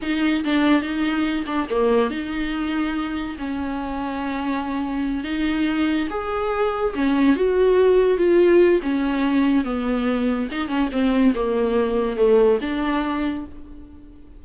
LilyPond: \new Staff \with { instrumentName = "viola" } { \time 4/4 \tempo 4 = 143 dis'4 d'4 dis'4. d'8 | ais4 dis'2. | cis'1~ | cis'8 dis'2 gis'4.~ |
gis'8 cis'4 fis'2 f'8~ | f'4 cis'2 b4~ | b4 dis'8 cis'8 c'4 ais4~ | ais4 a4 d'2 | }